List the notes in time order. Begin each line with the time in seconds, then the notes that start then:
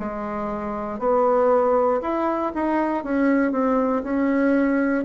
0.00 G#3
0.99 B3
2.02 E4
2.55 D#4
3.04 C#4
3.52 C4
4.04 C#4